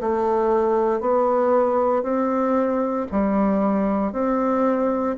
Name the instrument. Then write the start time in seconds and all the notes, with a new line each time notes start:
bassoon
0.00 A3
1.00 B3
2.03 C4
3.11 G3
4.12 C4